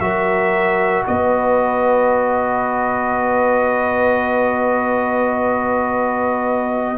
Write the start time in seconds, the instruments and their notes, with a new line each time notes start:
0.00 tuba F#3, trombone F#4, horn A#4, trumpet E5
1.07 tuba B3, horn B4, trumpet D#5